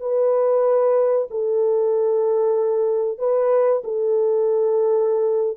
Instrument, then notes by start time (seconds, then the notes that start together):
horn
0.00 B4
1.31 A4
3.19 B4
3.84 A4